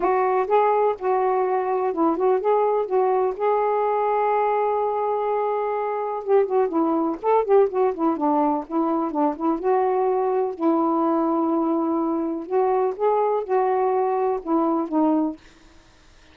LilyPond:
\new Staff \with { instrumentName = "saxophone" } { \time 4/4 \tempo 4 = 125 fis'4 gis'4 fis'2 | e'8 fis'8 gis'4 fis'4 gis'4~ | gis'1~ | gis'4 g'8 fis'8 e'4 a'8 g'8 |
fis'8 e'8 d'4 e'4 d'8 e'8 | fis'2 e'2~ | e'2 fis'4 gis'4 | fis'2 e'4 dis'4 | }